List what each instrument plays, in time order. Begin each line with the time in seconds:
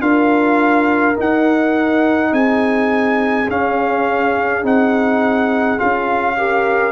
0.00 tuba D4, trombone F4, horn A#4, trumpet F5
1.16 trombone D#4, tuba D#4, trumpet F#5
2.31 tuba C4, horn G#4, trumpet G#5
3.48 tuba C#4, trombone C#4, trumpet F5
4.63 tuba C4, trombone D#4, trumpet F#5
5.78 tuba C#4, trombone F4, trumpet F5
6.37 trombone G4, horn A#4